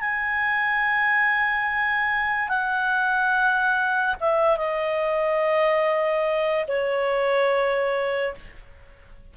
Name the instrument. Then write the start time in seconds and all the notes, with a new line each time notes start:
clarinet
0.00 G#5
2.48 F#5
4.20 E5
4.56 D#5
6.67 C#5